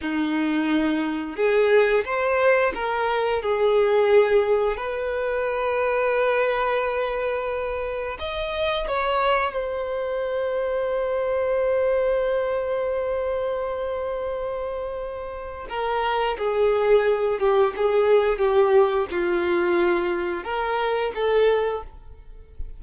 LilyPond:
\new Staff \with { instrumentName = "violin" } { \time 4/4 \tempo 4 = 88 dis'2 gis'4 c''4 | ais'4 gis'2 b'4~ | b'1 | dis''4 cis''4 c''2~ |
c''1~ | c''2. ais'4 | gis'4. g'8 gis'4 g'4 | f'2 ais'4 a'4 | }